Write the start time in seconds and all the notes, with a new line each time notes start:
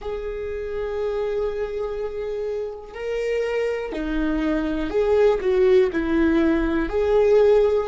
0.00 G#4
2.94 A#4
3.92 D#4
4.90 G#4
5.41 F#4
5.92 E4
6.89 G#4